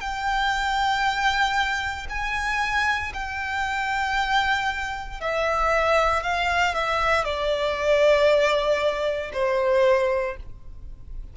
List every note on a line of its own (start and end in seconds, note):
0.00 2.07 G5
2.09 3.12 G#5
3.14 5.20 G5
5.20 6.23 E5
6.23 6.74 F5
6.74 7.24 E5
7.24 9.31 D5
9.33 10.36 C5